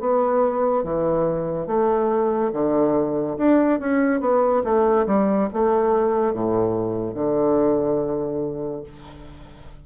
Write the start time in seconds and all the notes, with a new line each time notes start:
0.00 B3
0.84 E3
1.67 A3
2.53 D3
3.38 D4
3.80 C#4
4.20 B3
4.64 A3
5.06 G3
5.53 A3
6.33 A2
7.14 D3